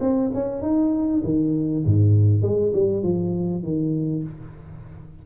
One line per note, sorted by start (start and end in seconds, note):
0.00 0.30 C4
0.34 0.61 C#4
0.61 1.22 D#4
1.23 1.84 D#3
1.85 2.42 G#2
2.42 2.72 G#3
2.73 3.02 G3
3.02 3.62 F3
3.62 4.23 D#3